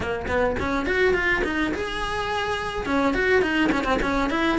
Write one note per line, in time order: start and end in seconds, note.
0.00 0.26 A#3
0.27 0.56 B3
0.59 0.86 C#4
0.86 1.14 F#4
1.14 1.42 F4
1.44 1.72 D#4
1.74 2.86 G#4
2.86 3.14 C#4
3.14 3.42 F#4
3.42 3.70 D#4
3.71 3.84 C#4
3.84 3.98 C4
4.02 4.30 C#4
4.30 4.58 E4